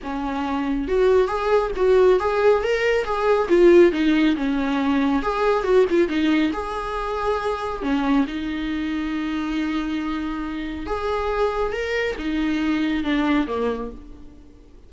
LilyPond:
\new Staff \with { instrumentName = "viola" } { \time 4/4 \tempo 4 = 138 cis'2 fis'4 gis'4 | fis'4 gis'4 ais'4 gis'4 | f'4 dis'4 cis'2 | gis'4 fis'8 f'8 dis'4 gis'4~ |
gis'2 cis'4 dis'4~ | dis'1~ | dis'4 gis'2 ais'4 | dis'2 d'4 ais4 | }